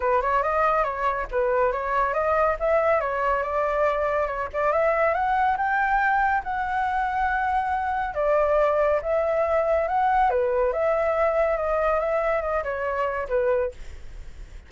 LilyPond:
\new Staff \with { instrumentName = "flute" } { \time 4/4 \tempo 4 = 140 b'8 cis''8 dis''4 cis''4 b'4 | cis''4 dis''4 e''4 cis''4 | d''2 cis''8 d''8 e''4 | fis''4 g''2 fis''4~ |
fis''2. d''4~ | d''4 e''2 fis''4 | b'4 e''2 dis''4 | e''4 dis''8 cis''4. b'4 | }